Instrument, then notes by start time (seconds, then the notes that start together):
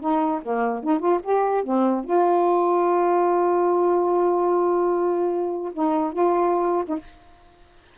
saxophone
0.00 D#4
0.42 A#3
0.83 D#4
0.99 F4
1.23 G4
1.63 C4
2.04 F4
5.73 D#4
6.13 F4
6.87 D#4